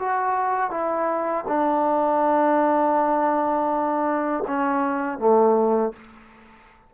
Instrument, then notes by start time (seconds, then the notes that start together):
trombone
0.00 F#4
0.71 E4
1.48 D4
4.48 C#4
5.19 A3